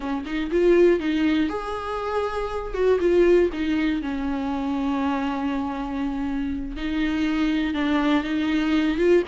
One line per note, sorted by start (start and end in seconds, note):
0.00 0.24 C#4
0.25 0.50 D#4
0.51 0.99 F4
0.99 1.49 D#4
1.49 2.73 G#4
2.73 2.98 F#4
3.00 3.50 F4
3.52 4.02 D#4
4.02 6.76 C#4
6.76 7.74 D#4
7.74 8.23 D4
8.23 8.97 D#4
8.97 9.22 F4